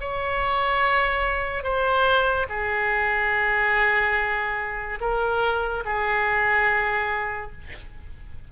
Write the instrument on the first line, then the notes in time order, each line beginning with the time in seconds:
oboe
0.00 C#5
1.63 C5
2.49 G#4
5.00 A#4
5.85 G#4